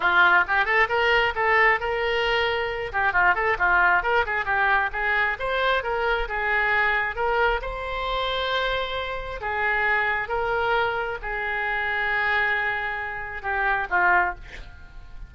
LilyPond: \new Staff \with { instrumentName = "oboe" } { \time 4/4 \tempo 4 = 134 f'4 g'8 a'8 ais'4 a'4 | ais'2~ ais'8 g'8 f'8 a'8 | f'4 ais'8 gis'8 g'4 gis'4 | c''4 ais'4 gis'2 |
ais'4 c''2.~ | c''4 gis'2 ais'4~ | ais'4 gis'2.~ | gis'2 g'4 f'4 | }